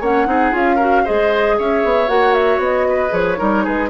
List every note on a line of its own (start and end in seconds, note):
0.00 0.26 A#3
0.00 0.26 C#4
0.00 0.26 C#5
0.00 0.54 F#5
0.26 0.52 C4
0.26 0.52 D#4
0.26 0.75 G#4
0.52 1.04 C#4
0.52 0.77 F4
0.52 1.06 F5
0.75 1.05 F#4
0.75 1.01 A#4
1.04 1.59 G#3
1.04 2.07 G#4
1.04 1.55 C5
1.04 1.58 D#5
1.58 1.84 C#4
1.58 2.87 C#5
1.58 2.08 E5
1.84 2.08 B3
2.07 2.58 A#3
2.07 3.09 F#4
2.07 2.34 F#5
2.34 2.60 E5
2.58 3.09 B3
2.58 3.13 D#5
2.88 3.38 B4
3.09 3.38 F3
3.09 3.35 G#4
3.09 3.65 C#5
3.37 3.66 G3
3.37 3.88 D#4
3.37 3.64 A#4
3.64 3.89 G#3
3.64 3.89 G#4
3.64 3.89 B4